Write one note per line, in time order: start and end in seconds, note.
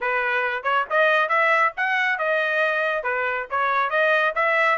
0.01 0.63 B4
0.63 0.85 C#5
0.90 1.28 D#5
1.28 1.72 E5
1.76 2.18 F#5
2.18 3.03 D#5
3.03 3.46 B4
3.50 3.89 C#5
3.89 4.33 D#5
4.35 4.78 E5